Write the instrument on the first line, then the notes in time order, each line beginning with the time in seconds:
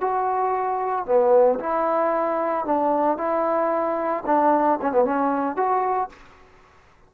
trombone
0.00 F#4
1.05 B3
1.59 E4
2.65 D4
3.17 E4
4.26 D4
4.81 C#4
4.92 B3
5.04 C#4
5.56 F#4